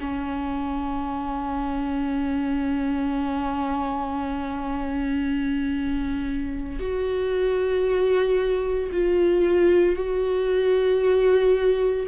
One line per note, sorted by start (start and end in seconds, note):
0.00 6.79 C#4
6.79 8.89 F#4
8.92 9.96 F4
9.96 12.06 F#4